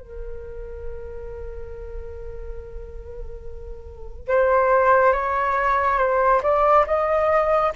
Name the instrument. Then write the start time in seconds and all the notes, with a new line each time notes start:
flute
0.00 A#4
4.28 C5
5.13 C#5
5.98 C5
6.42 D5
6.86 D#5